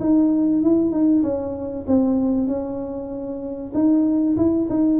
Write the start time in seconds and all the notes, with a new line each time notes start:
0.00 D#4
0.62 E4
0.91 D#4
1.23 C#4
1.87 C4
2.47 C#4
3.74 D#4
4.37 E4
4.70 D#4